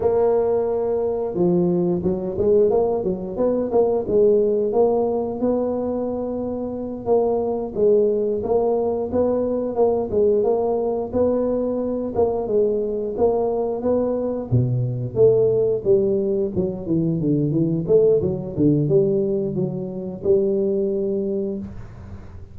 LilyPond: \new Staff \with { instrumentName = "tuba" } { \time 4/4 \tempo 4 = 89 ais2 f4 fis8 gis8 | ais8 fis8 b8 ais8 gis4 ais4 | b2~ b8 ais4 gis8~ | gis8 ais4 b4 ais8 gis8 ais8~ |
ais8 b4. ais8 gis4 ais8~ | ais8 b4 b,4 a4 g8~ | g8 fis8 e8 d8 e8 a8 fis8 d8 | g4 fis4 g2 | }